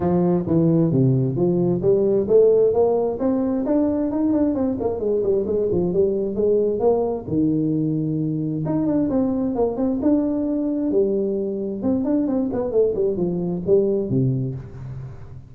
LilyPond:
\new Staff \with { instrumentName = "tuba" } { \time 4/4 \tempo 4 = 132 f4 e4 c4 f4 | g4 a4 ais4 c'4 | d'4 dis'8 d'8 c'8 ais8 gis8 g8 | gis8 f8 g4 gis4 ais4 |
dis2. dis'8 d'8 | c'4 ais8 c'8 d'2 | g2 c'8 d'8 c'8 b8 | a8 g8 f4 g4 c4 | }